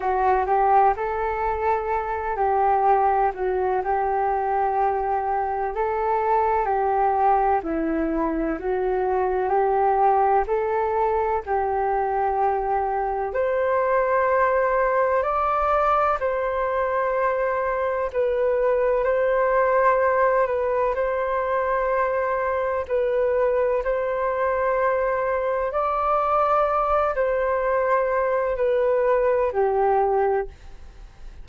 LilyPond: \new Staff \with { instrumentName = "flute" } { \time 4/4 \tempo 4 = 63 fis'8 g'8 a'4. g'4 fis'8 | g'2 a'4 g'4 | e'4 fis'4 g'4 a'4 | g'2 c''2 |
d''4 c''2 b'4 | c''4. b'8 c''2 | b'4 c''2 d''4~ | d''8 c''4. b'4 g'4 | }